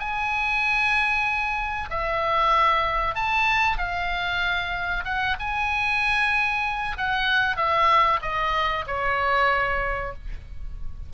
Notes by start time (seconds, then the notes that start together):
0.00 G#5
1.91 E5
3.16 A5
3.78 F5
5.05 F#5
5.40 G#5
6.98 F#5
7.57 E5
8.22 D#5
8.88 C#5